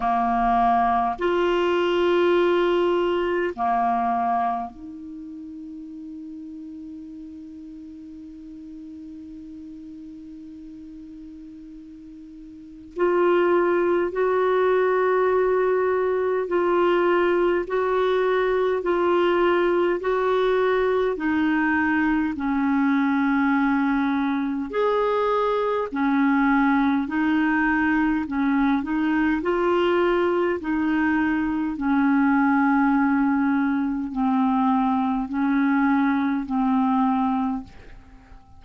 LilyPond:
\new Staff \with { instrumentName = "clarinet" } { \time 4/4 \tempo 4 = 51 ais4 f'2 ais4 | dis'1~ | dis'2. f'4 | fis'2 f'4 fis'4 |
f'4 fis'4 dis'4 cis'4~ | cis'4 gis'4 cis'4 dis'4 | cis'8 dis'8 f'4 dis'4 cis'4~ | cis'4 c'4 cis'4 c'4 | }